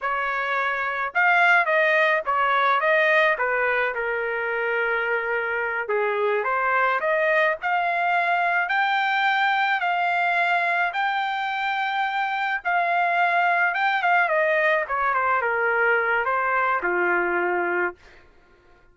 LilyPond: \new Staff \with { instrumentName = "trumpet" } { \time 4/4 \tempo 4 = 107 cis''2 f''4 dis''4 | cis''4 dis''4 b'4 ais'4~ | ais'2~ ais'8 gis'4 c''8~ | c''8 dis''4 f''2 g''8~ |
g''4. f''2 g''8~ | g''2~ g''8 f''4.~ | f''8 g''8 f''8 dis''4 cis''8 c''8 ais'8~ | ais'4 c''4 f'2 | }